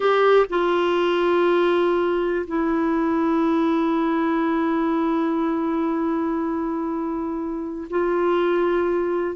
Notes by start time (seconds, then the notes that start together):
0.00 G4
0.49 F4
2.47 E4
7.90 F4